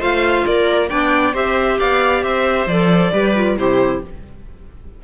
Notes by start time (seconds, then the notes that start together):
0.00 A3 F4 C5 F5
0.47 A#3 A#4 D5
0.89 B3 D4 D5 G5
1.34 C4 G4 C5 E5
1.80 B3 D5 F5
2.24 C4 C5 E5
2.67 F3 A4 D5
3.13 G3 G4 B4
3.36 F4
3.57 C3 E4 G4 C5